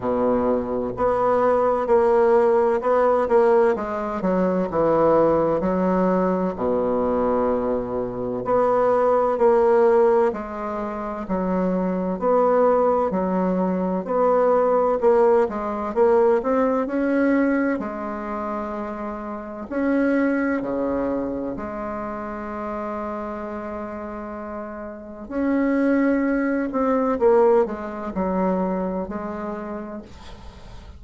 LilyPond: \new Staff \with { instrumentName = "bassoon" } { \time 4/4 \tempo 4 = 64 b,4 b4 ais4 b8 ais8 | gis8 fis8 e4 fis4 b,4~ | b,4 b4 ais4 gis4 | fis4 b4 fis4 b4 |
ais8 gis8 ais8 c'8 cis'4 gis4~ | gis4 cis'4 cis4 gis4~ | gis2. cis'4~ | cis'8 c'8 ais8 gis8 fis4 gis4 | }